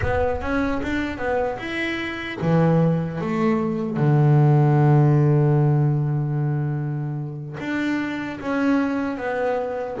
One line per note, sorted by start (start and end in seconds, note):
0.01 0.41 B3
0.41 0.81 C#4
0.83 1.18 D4
1.18 1.58 B3
1.58 2.38 E4
2.41 3.20 E3
3.20 3.96 A3
3.96 7.56 D3
7.59 8.39 D4
8.40 9.17 C#4
9.17 9.97 B3